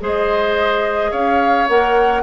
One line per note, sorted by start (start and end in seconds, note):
0.00 1.12 G#3
0.00 1.67 G#4
0.00 1.11 C5
0.00 1.12 D#5
1.11 1.68 C#4
1.11 2.22 C#5
1.11 1.67 F5
1.68 2.22 A#3
1.68 2.22 A#4
1.68 2.22 F#5